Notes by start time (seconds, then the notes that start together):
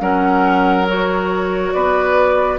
0.00 F#3 C#4 A#4 F#5
0.87 F#4 C#5
1.72 B3 B4 D5